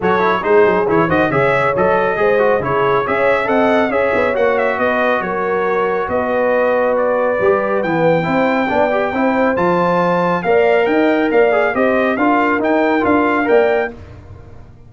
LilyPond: <<
  \new Staff \with { instrumentName = "trumpet" } { \time 4/4 \tempo 4 = 138 cis''4 c''4 cis''8 dis''8 e''4 | dis''2 cis''4 e''4 | fis''4 e''4 fis''8 e''8 dis''4 | cis''2 dis''2 |
d''2 g''2~ | g''2 a''2 | f''4 g''4 f''4 dis''4 | f''4 g''4 f''4 g''4 | }
  \new Staff \with { instrumentName = "horn" } { \time 4/4 a'4 gis'4. c''8 cis''4~ | cis''4 c''4 gis'4 cis''4 | dis''4 cis''2 b'4 | ais'2 b'2~ |
b'2. c''4 | d''4 c''2. | d''4 dis''4 d''4 c''4 | ais'2. d''4 | }
  \new Staff \with { instrumentName = "trombone" } { \time 4/4 fis'8 e'8 dis'4 e'8 fis'8 gis'4 | a'4 gis'8 fis'8 e'4 gis'4 | a'4 gis'4 fis'2~ | fis'1~ |
fis'4 g'4 b4 e'4 | d'8 g'8 e'4 f'2 | ais'2~ ais'8 gis'8 g'4 | f'4 dis'4 f'4 ais'4 | }
  \new Staff \with { instrumentName = "tuba" } { \time 4/4 fis4 gis8 fis8 e8 dis8 cis4 | fis4 gis4 cis4 cis'4 | c'4 cis'8 b8 ais4 b4 | fis2 b2~ |
b4 g4 e4 c'4 | b4 c'4 f2 | ais4 dis'4 ais4 c'4 | d'4 dis'4 d'4 ais4 | }
>>